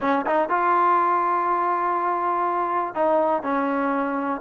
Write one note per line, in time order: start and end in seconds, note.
0.00 0.25 C#4
0.26 0.49 D#4
0.49 2.94 F4
2.94 3.42 D#4
3.42 4.41 C#4